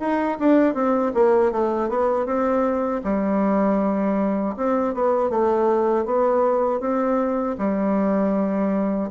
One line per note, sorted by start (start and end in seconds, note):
0.00 0.38 D#4
0.39 0.74 D4
0.74 1.12 C4
1.15 1.52 A#3
1.52 1.89 A3
1.89 2.26 B3
2.26 3.02 C4
3.04 4.56 G3
4.57 4.94 C4
4.94 5.30 B3
5.30 6.06 A3
6.06 6.80 B3
6.80 7.56 C4
7.58 9.10 G3